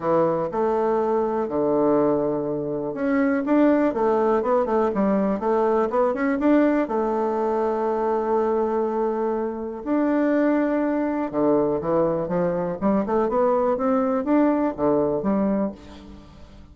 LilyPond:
\new Staff \with { instrumentName = "bassoon" } { \time 4/4 \tempo 4 = 122 e4 a2 d4~ | d2 cis'4 d'4 | a4 b8 a8 g4 a4 | b8 cis'8 d'4 a2~ |
a1 | d'2. d4 | e4 f4 g8 a8 b4 | c'4 d'4 d4 g4 | }